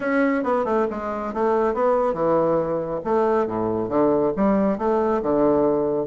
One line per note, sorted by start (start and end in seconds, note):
0.00 0.43 C#4
0.43 0.65 B3
0.65 0.86 A3
0.90 1.33 G#3
1.33 1.74 A3
1.74 2.13 B3
2.13 3.00 E3
3.04 3.46 A3
3.46 3.89 A2
3.89 4.32 D3
4.36 4.78 G3
4.78 5.21 A3
5.22 6.06 D3